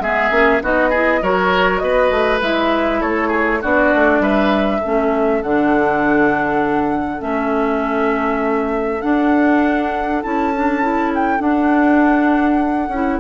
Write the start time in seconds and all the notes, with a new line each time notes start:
0.00 G#3 B3 G#4 E5
0.31 A#3 C#4
0.63 B3 D#4 F#4 D#5
0.90 E4 G#4
1.22 F#3 F#4 A#4 C#5
1.79 B3 B4 D#5
2.11 A3
2.42 G#3 E4 E5
3.00 A3 A4 C#5
3.28 G#4
3.62 B3 D4 F#4 D5
3.95 A3
4.20 G3 B4 E5
4.81 A3 C#4 A4
5.43 D3 D4 F#5
7.19 A3 C#4 E5
9.02 D4 F#5
10.23 C#4 E4 A5
10.55 D4
10.82 E4
11.15 G5
11.39 D4 F#5
12.89 C#4 E4